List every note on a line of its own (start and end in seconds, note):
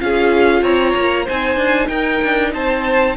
0.00 0.62 C#4
0.00 1.26 F4
0.00 0.62 G#4
0.00 0.63 F5
0.62 0.93 C4
0.62 1.24 C#5
0.62 1.26 A#5
0.95 1.27 A#3
1.24 1.56 C4
1.24 3.17 D#4
1.24 1.87 C5
1.24 1.87 G#5
1.56 1.88 D4
1.87 2.20 D#4
1.87 2.52 A#4
1.87 2.51 G5
2.23 2.54 D4
2.53 3.17 C4
2.53 3.17 C5
2.53 3.16 A5